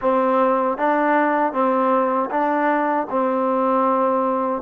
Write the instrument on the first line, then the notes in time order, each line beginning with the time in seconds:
trombone
0.01 C4
0.77 D4
1.52 C4
2.30 D4
3.09 C4